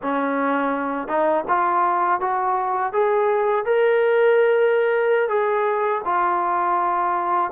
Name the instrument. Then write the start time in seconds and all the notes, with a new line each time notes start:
trombone
0.02 C#4
1.07 D#4
1.47 F4
2.20 F#4
2.93 G#4
3.65 A#4
5.28 G#4
6.04 F4